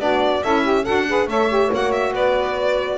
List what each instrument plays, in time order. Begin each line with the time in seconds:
0.00 double bass B3, saxophone D4 F#4, violin D5
0.44 double bass C#4, saxophone E4 A4, violin E5
0.63 saxophone G4
0.84 double bass D4, saxophone F#4 A4, violin F#5
1.09 saxophone G#4 B4
1.27 double bass A3, saxophone A4 C#5, violin E5
1.49 saxophone G4
1.72 double bass A#3, saxophone F#4, violin F#5
1.92 violin E5
2.13 double bass B3, saxophone B4, violin D5